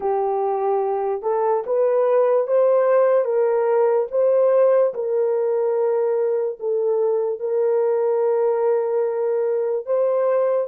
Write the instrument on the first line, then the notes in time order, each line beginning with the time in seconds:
horn
0.00 G4
1.22 A4
1.66 B4
2.47 C5
3.25 A#4
4.11 C5
4.94 A#4
6.59 A4
7.39 A#4
9.86 C5